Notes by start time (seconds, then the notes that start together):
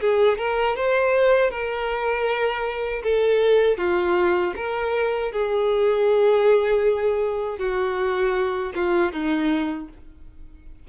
0.00 G#4
0.38 A#4
0.76 C5
1.50 A#4
3.03 A4
3.77 F4
4.56 A#4
5.32 G#4
7.58 F#4
8.75 F4
9.12 D#4